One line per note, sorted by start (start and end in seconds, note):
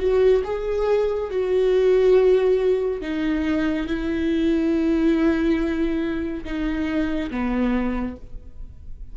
0.00 0.43 F#4
0.45 1.31 G#4
1.31 3.02 F#4
3.02 3.87 D#4
3.87 6.44 E4
6.45 7.31 D#4
7.31 8.17 B3